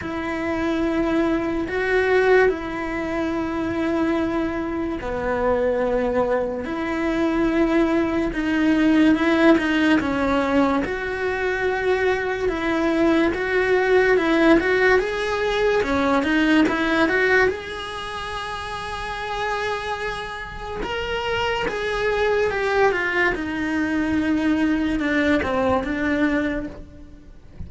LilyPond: \new Staff \with { instrumentName = "cello" } { \time 4/4 \tempo 4 = 72 e'2 fis'4 e'4~ | e'2 b2 | e'2 dis'4 e'8 dis'8 | cis'4 fis'2 e'4 |
fis'4 e'8 fis'8 gis'4 cis'8 dis'8 | e'8 fis'8 gis'2.~ | gis'4 ais'4 gis'4 g'8 f'8 | dis'2 d'8 c'8 d'4 | }